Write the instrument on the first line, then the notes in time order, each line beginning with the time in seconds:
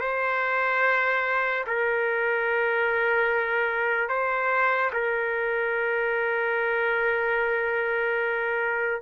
trumpet
0.00 C5
1.67 A#4
4.09 C5
4.93 A#4